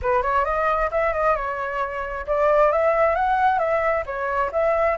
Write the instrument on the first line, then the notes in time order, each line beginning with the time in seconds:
flute
0.01 B4
0.22 C#5
0.44 D#5
0.91 E5
1.13 D#5
1.35 C#5
2.26 D5
2.72 E5
3.15 F#5
3.59 E5
4.05 C#5
4.52 E5